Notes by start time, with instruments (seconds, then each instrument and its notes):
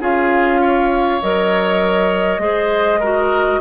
0.00 bassoon C#4, clarinet F4, oboe G#4, flute F5
0.60 oboe C#5
1.22 bassoon F#3, clarinet A#4, flute D#5
2.38 bassoon G#3, clarinet G#4, oboe C5
3.00 clarinet F#4, oboe A#4